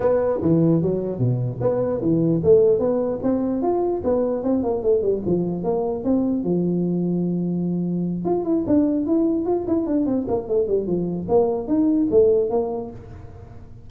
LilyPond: \new Staff \with { instrumentName = "tuba" } { \time 4/4 \tempo 4 = 149 b4 e4 fis4 b,4 | b4 e4 a4 b4 | c'4 f'4 b4 c'8 ais8 | a8 g8 f4 ais4 c'4 |
f1~ | f8 f'8 e'8 d'4 e'4 f'8 | e'8 d'8 c'8 ais8 a8 g8 f4 | ais4 dis'4 a4 ais4 | }